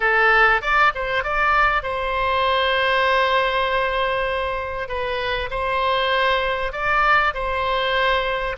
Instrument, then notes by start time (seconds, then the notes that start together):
oboe
0.00 A4
0.61 D5
0.94 C5
1.23 D5
1.83 C5
4.88 B4
5.50 C5
6.72 D5
7.33 C5